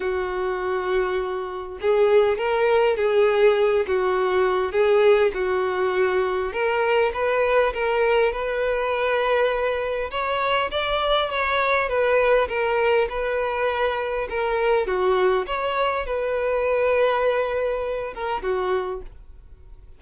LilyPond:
\new Staff \with { instrumentName = "violin" } { \time 4/4 \tempo 4 = 101 fis'2. gis'4 | ais'4 gis'4. fis'4. | gis'4 fis'2 ais'4 | b'4 ais'4 b'2~ |
b'4 cis''4 d''4 cis''4 | b'4 ais'4 b'2 | ais'4 fis'4 cis''4 b'4~ | b'2~ b'8 ais'8 fis'4 | }